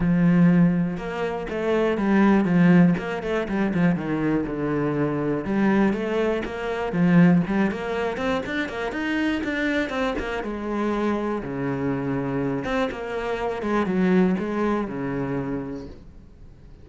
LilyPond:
\new Staff \with { instrumentName = "cello" } { \time 4/4 \tempo 4 = 121 f2 ais4 a4 | g4 f4 ais8 a8 g8 f8 | dis4 d2 g4 | a4 ais4 f4 g8 ais8~ |
ais8 c'8 d'8 ais8 dis'4 d'4 | c'8 ais8 gis2 cis4~ | cis4. c'8 ais4. gis8 | fis4 gis4 cis2 | }